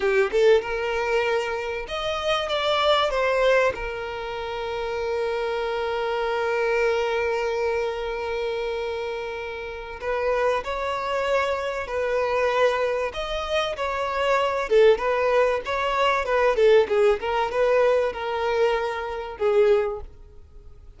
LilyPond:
\new Staff \with { instrumentName = "violin" } { \time 4/4 \tempo 4 = 96 g'8 a'8 ais'2 dis''4 | d''4 c''4 ais'2~ | ais'1~ | ais'1 |
b'4 cis''2 b'4~ | b'4 dis''4 cis''4. a'8 | b'4 cis''4 b'8 a'8 gis'8 ais'8 | b'4 ais'2 gis'4 | }